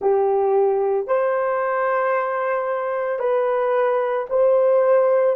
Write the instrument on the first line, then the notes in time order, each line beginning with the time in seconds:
horn
0.01 G4
1.07 C5
3.19 B4
4.29 C5